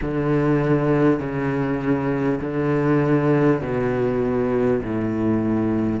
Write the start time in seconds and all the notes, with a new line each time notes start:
0.01 D3
1.19 C#3
2.41 D3
3.61 B2
4.82 A2